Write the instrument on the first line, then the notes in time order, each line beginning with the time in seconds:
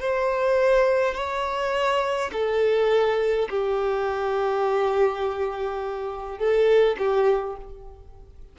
violin
0.00 C5
1.14 C#5
2.32 A4
3.50 G4
6.38 A4
6.98 G4